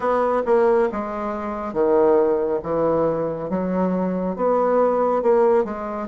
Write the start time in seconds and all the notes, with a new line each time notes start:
0.00 B3
0.45 A#3
0.91 G#3
1.73 D#3
2.62 E3
3.49 F#3
4.36 B3
5.22 A#3
5.64 G#3